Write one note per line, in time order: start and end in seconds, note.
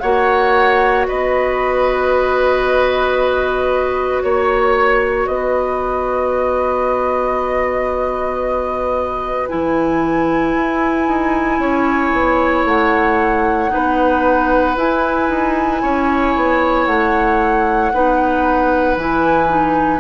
0.00 1.09 A#3
0.00 9.49 F#4
0.00 1.07 C#5
0.00 1.05 F#5
1.07 4.23 B3
1.07 4.23 B4
1.07 4.22 D#5
4.22 5.27 A#3
4.22 5.27 C#5
4.22 5.29 C#5
5.27 9.48 B3
5.27 11.60 B4
5.27 9.48 D#5
9.48 10.55 E3
9.48 13.70 E4
9.48 12.64 G#5
10.55 11.08 E4
11.08 11.59 D#4
11.59 12.11 C#4
11.59 13.71 C#5
12.13 12.65 B3
12.65 13.70 A3
12.65 14.78 F#5
13.70 14.77 B3
13.70 14.75 D#4
13.70 15.82 B4
14.77 15.29 E4
14.77 17.92 E4
14.77 16.86 G#5
15.29 15.82 D#4
15.82 16.35 C#4
15.82 17.93 C#5
16.36 16.87 B3
16.86 17.92 A3
16.86 18.96 F#5
17.93 18.96 B3
17.93 18.99 D#4
17.93 20.00 B4
18.96 20.00 E3
18.96 19.49 E4
18.96 20.00 G#5
19.49 20.00 D#4